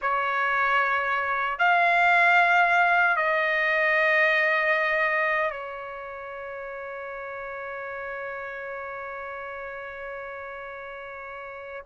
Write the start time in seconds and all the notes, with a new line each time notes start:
0.01 C#5
1.58 F5
3.16 D#5
5.50 C#5